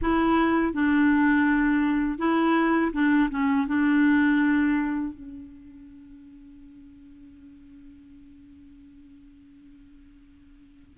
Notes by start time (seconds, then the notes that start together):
0.01 E4
0.73 D4
2.18 E4
2.93 D4
3.30 C#4
3.67 D4
5.13 C#4